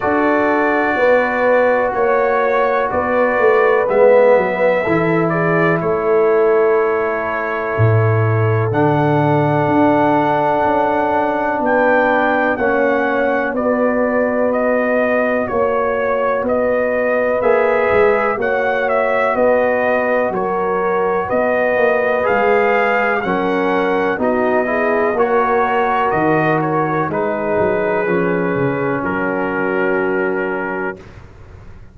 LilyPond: <<
  \new Staff \with { instrumentName = "trumpet" } { \time 4/4 \tempo 4 = 62 d''2 cis''4 d''4 | e''4. d''8 cis''2~ | cis''4 fis''2. | g''4 fis''4 d''4 dis''4 |
cis''4 dis''4 e''4 fis''8 e''8 | dis''4 cis''4 dis''4 f''4 | fis''4 dis''4 cis''4 dis''8 cis''8 | b'2 ais'2 | }
  \new Staff \with { instrumentName = "horn" } { \time 4/4 a'4 b'4 cis''4 b'4~ | b'4 a'8 gis'8 a'2~ | a'1 | b'4 cis''4 b'2 |
cis''4 b'2 cis''4 | b'4 ais'4 b'2 | ais'4 fis'8 gis'8 ais'2 | gis'2 fis'2 | }
  \new Staff \with { instrumentName = "trombone" } { \time 4/4 fis'1 | b4 e'2.~ | e'4 d'2.~ | d'4 cis'4 fis'2~ |
fis'2 gis'4 fis'4~ | fis'2. gis'4 | cis'4 dis'8 e'8 fis'2 | dis'4 cis'2. | }
  \new Staff \with { instrumentName = "tuba" } { \time 4/4 d'4 b4 ais4 b8 a8 | gis8 fis8 e4 a2 | a,4 d4 d'4 cis'4 | b4 ais4 b2 |
ais4 b4 ais8 gis8 ais4 | b4 fis4 b8 ais8 gis4 | fis4 b4 ais4 dis4 | gis8 fis8 f8 cis8 fis2 | }
>>